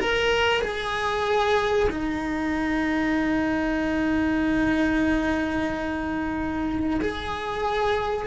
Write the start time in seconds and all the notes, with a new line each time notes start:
0.00 A#4
0.62 G#4
1.90 D#4
7.01 G#4